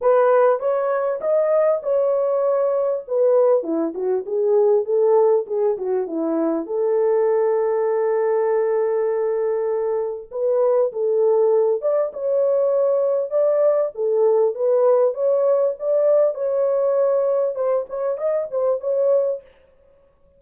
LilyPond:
\new Staff \with { instrumentName = "horn" } { \time 4/4 \tempo 4 = 99 b'4 cis''4 dis''4 cis''4~ | cis''4 b'4 e'8 fis'8 gis'4 | a'4 gis'8 fis'8 e'4 a'4~ | a'1~ |
a'4 b'4 a'4. d''8 | cis''2 d''4 a'4 | b'4 cis''4 d''4 cis''4~ | cis''4 c''8 cis''8 dis''8 c''8 cis''4 | }